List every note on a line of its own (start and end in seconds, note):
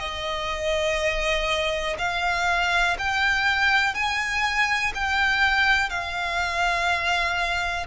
0.00 1.97 D#5
1.99 2.97 F5
2.99 3.94 G5
3.94 4.93 G#5
4.94 5.90 G5
5.90 7.86 F5